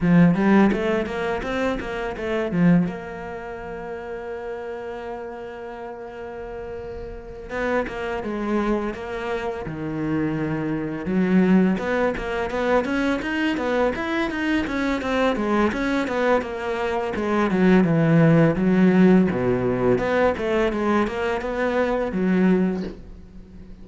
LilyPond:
\new Staff \with { instrumentName = "cello" } { \time 4/4 \tempo 4 = 84 f8 g8 a8 ais8 c'8 ais8 a8 f8 | ais1~ | ais2~ ais8 b8 ais8 gis8~ | gis8 ais4 dis2 fis8~ |
fis8 b8 ais8 b8 cis'8 dis'8 b8 e'8 | dis'8 cis'8 c'8 gis8 cis'8 b8 ais4 | gis8 fis8 e4 fis4 b,4 | b8 a8 gis8 ais8 b4 fis4 | }